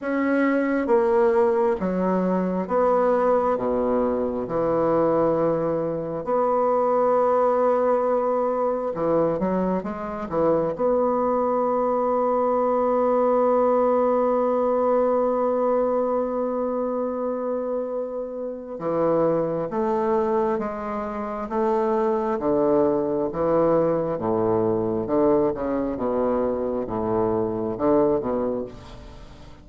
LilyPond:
\new Staff \with { instrumentName = "bassoon" } { \time 4/4 \tempo 4 = 67 cis'4 ais4 fis4 b4 | b,4 e2 b4~ | b2 e8 fis8 gis8 e8 | b1~ |
b1~ | b4 e4 a4 gis4 | a4 d4 e4 a,4 | d8 cis8 b,4 a,4 d8 b,8 | }